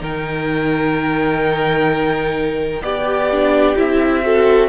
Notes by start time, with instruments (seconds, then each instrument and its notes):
0.00 cello D#3, viola D#4, violin A#4 G5
2.82 cello B3, viola G4, violin G4 D5
3.31 viola D4
3.77 cello C4, viola E4, violin E5
4.22 viola F#4, violin A4